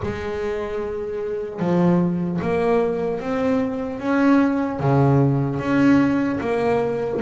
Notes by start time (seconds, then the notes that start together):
0.03 G#3
1.59 F3
2.41 A#3
3.20 C4
3.99 C#4
4.79 C#3
5.59 C#4
6.40 A#3